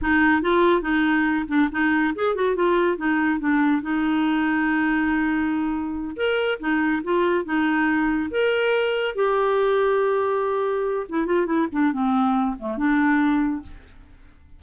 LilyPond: \new Staff \with { instrumentName = "clarinet" } { \time 4/4 \tempo 4 = 141 dis'4 f'4 dis'4. d'8 | dis'4 gis'8 fis'8 f'4 dis'4 | d'4 dis'2.~ | dis'2~ dis'8 ais'4 dis'8~ |
dis'8 f'4 dis'2 ais'8~ | ais'4. g'2~ g'8~ | g'2 e'8 f'8 e'8 d'8 | c'4. a8 d'2 | }